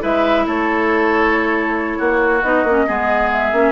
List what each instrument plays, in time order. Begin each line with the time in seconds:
0.00 bassoon G#3, clarinet E4, oboe B4, flute E5
0.46 bassoon A3, oboe A4, flute C#5
1.98 bassoon A#3, oboe F#4
2.42 bassoon B3, clarinet D#4, flute D#5
2.64 bassoon A#3, clarinet C#4
2.87 bassoon G#3, clarinet B3, oboe G#4
3.32 flute E5
3.52 bassoon A#3, clarinet C#4